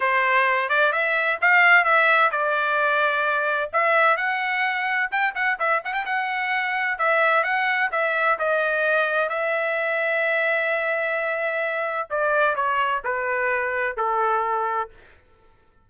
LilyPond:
\new Staff \with { instrumentName = "trumpet" } { \time 4/4 \tempo 4 = 129 c''4. d''8 e''4 f''4 | e''4 d''2. | e''4 fis''2 g''8 fis''8 | e''8 fis''16 g''16 fis''2 e''4 |
fis''4 e''4 dis''2 | e''1~ | e''2 d''4 cis''4 | b'2 a'2 | }